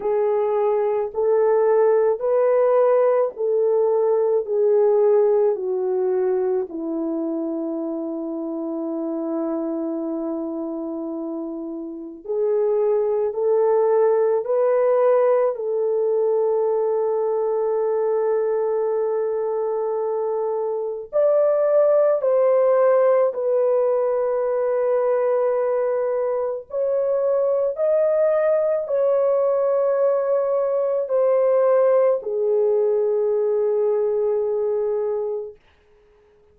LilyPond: \new Staff \with { instrumentName = "horn" } { \time 4/4 \tempo 4 = 54 gis'4 a'4 b'4 a'4 | gis'4 fis'4 e'2~ | e'2. gis'4 | a'4 b'4 a'2~ |
a'2. d''4 | c''4 b'2. | cis''4 dis''4 cis''2 | c''4 gis'2. | }